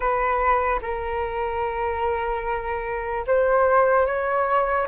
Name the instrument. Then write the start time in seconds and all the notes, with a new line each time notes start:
flute
0.00 B4
0.81 A#4
3.27 C5
4.06 C#5